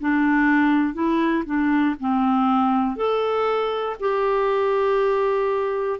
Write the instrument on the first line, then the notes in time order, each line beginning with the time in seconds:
clarinet
0.00 D4
0.94 E4
1.45 D4
2.00 C4
2.96 A4
4.00 G4